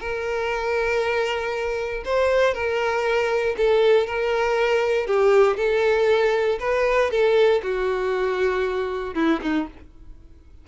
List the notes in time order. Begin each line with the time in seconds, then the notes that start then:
0.00 A#4
2.05 C5
2.54 A#4
3.57 A4
4.07 A#4
5.07 G4
5.57 A4
6.60 B4
7.10 A4
7.63 F#4
9.15 E4
9.42 D#4